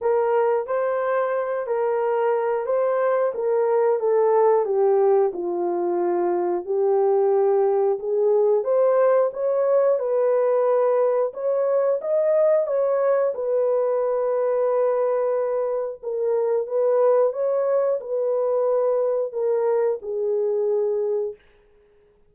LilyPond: \new Staff \with { instrumentName = "horn" } { \time 4/4 \tempo 4 = 90 ais'4 c''4. ais'4. | c''4 ais'4 a'4 g'4 | f'2 g'2 | gis'4 c''4 cis''4 b'4~ |
b'4 cis''4 dis''4 cis''4 | b'1 | ais'4 b'4 cis''4 b'4~ | b'4 ais'4 gis'2 | }